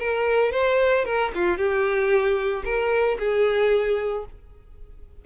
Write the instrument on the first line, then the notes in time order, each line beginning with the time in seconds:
violin
0.00 A#4
0.52 C5
1.05 A#4
1.35 F4
1.58 G4
2.65 A#4
3.19 G#4